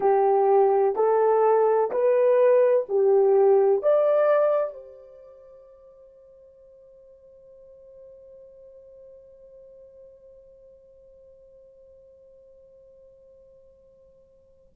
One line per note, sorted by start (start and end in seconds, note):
0.00 0.95 G4
0.95 1.90 A4
1.91 2.86 B4
2.88 3.82 G4
3.82 4.73 D5
4.73 14.73 C5